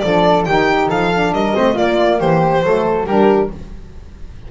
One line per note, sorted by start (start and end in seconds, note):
0.00 0.46 F3
0.00 0.47 D4
0.00 0.47 A4
0.00 0.43 D5
0.45 0.89 D#3
0.45 1.13 D#4
0.45 0.89 G4
0.45 0.89 G5
0.89 1.32 F3
0.89 1.33 A4
0.89 1.34 F5
1.13 1.56 D4
1.32 1.54 G3
1.32 1.56 A#4
1.32 1.77 D#5
1.56 1.80 A3
1.56 1.75 C4
1.56 1.74 C5
1.74 2.62 A#3
1.74 2.18 F4
1.74 2.20 D5
1.80 2.21 A#3
2.20 2.62 E3
2.20 2.64 G4
2.20 3.06 C5
2.62 3.06 F#3
2.62 3.07 A3
2.62 3.07 A4
3.06 3.50 G3
3.06 3.51 D4
3.06 3.50 G4
3.06 3.49 A#4